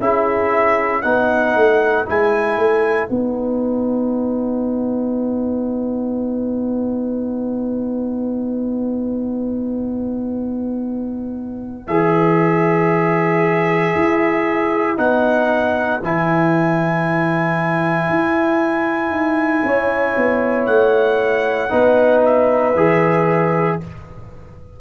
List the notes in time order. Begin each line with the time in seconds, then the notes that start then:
0.00 C#4 E4 G#4 E5
1.02 B3 D#4 B4 F#5
1.55 A3
2.06 G#3 E4 G#5
2.58 A3
3.09 B3 D#4 F#5
11.87 E3 G#4 E5
13.96 E4
14.97 B3 D#4 F#5
16.03 E3 E4 G#5
18.10 E4
19.11 D#4
19.64 C#4 C#5
20.17 B3
20.66 A3 F#5
21.70 B3 D#4 B4
22.25 E5
22.75 E3 G#4